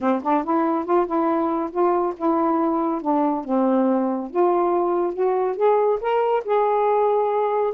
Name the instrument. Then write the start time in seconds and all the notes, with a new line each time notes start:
saxophone
0.00 C4
0.22 D4
0.44 E4
0.85 F4
1.06 E4
1.71 F4
2.16 E4
3.01 D4
3.44 C4
4.30 F4
5.13 F#4
5.56 G#4
6.01 A#4
6.44 G#4